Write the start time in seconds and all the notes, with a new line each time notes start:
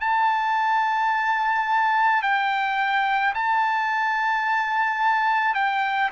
0.00 A5
2.22 G5
3.34 A5
5.55 G5